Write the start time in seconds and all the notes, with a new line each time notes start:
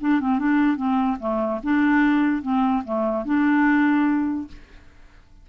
0.00 D4
0.20 C4
0.38 D4
0.76 C4
1.19 A3
1.63 D4
2.42 C4
2.84 A3
3.25 D4